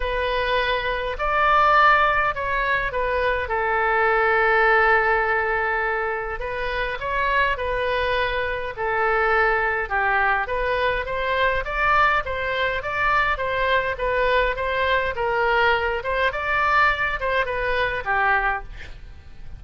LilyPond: \new Staff \with { instrumentName = "oboe" } { \time 4/4 \tempo 4 = 103 b'2 d''2 | cis''4 b'4 a'2~ | a'2. b'4 | cis''4 b'2 a'4~ |
a'4 g'4 b'4 c''4 | d''4 c''4 d''4 c''4 | b'4 c''4 ais'4. c''8 | d''4. c''8 b'4 g'4 | }